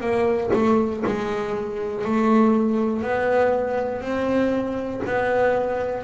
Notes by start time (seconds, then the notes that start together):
0.00 A#3
0.53 A3
1.06 G#3
2.05 A3
3.02 B3
4.01 C4
5.05 B3